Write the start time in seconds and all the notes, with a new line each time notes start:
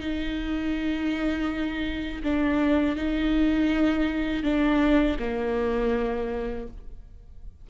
0.00 D#4
2.23 D4
2.96 D#4
4.43 D4
5.19 A#3